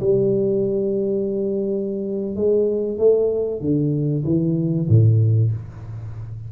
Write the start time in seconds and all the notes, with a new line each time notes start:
0.00 G3
2.35 G#3
2.98 A3
3.60 D3
4.24 E3
4.88 A2